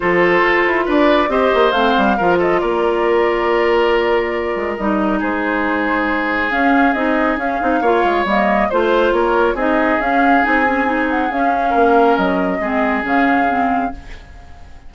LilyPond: <<
  \new Staff \with { instrumentName = "flute" } { \time 4/4 \tempo 4 = 138 c''2 d''4 dis''4 | f''4. dis''8 d''2~ | d''2. dis''4 | c''2. f''4 |
dis''4 f''2 dis''4 | c''4 cis''4 dis''4 f''4 | gis''4. fis''8 f''2 | dis''2 f''2 | }
  \new Staff \with { instrumentName = "oboe" } { \time 4/4 a'2 b'4 c''4~ | c''4 ais'8 a'8 ais'2~ | ais'1 | gis'1~ |
gis'2 cis''2 | c''4 ais'4 gis'2~ | gis'2. ais'4~ | ais'4 gis'2. | }
  \new Staff \with { instrumentName = "clarinet" } { \time 4/4 f'2. g'4 | c'4 f'2.~ | f'2. dis'4~ | dis'2. cis'4 |
dis'4 cis'8 dis'8 f'4 ais4 | f'2 dis'4 cis'4 | dis'8 cis'8 dis'4 cis'2~ | cis'4 c'4 cis'4 c'4 | }
  \new Staff \with { instrumentName = "bassoon" } { \time 4/4 f4 f'8 e'8 d'4 c'8 ais8 | a8 g8 f4 ais2~ | ais2~ ais8 gis8 g4 | gis2. cis'4 |
c'4 cis'8 c'8 ais8 gis8 g4 | a4 ais4 c'4 cis'4 | c'2 cis'4 ais4 | fis4 gis4 cis2 | }
>>